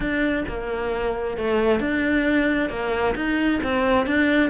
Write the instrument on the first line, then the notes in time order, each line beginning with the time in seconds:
cello
0.00 D4
0.48 A#3
1.37 A3
1.79 D4
2.69 A#3
3.15 D#4
3.63 C4
4.06 D4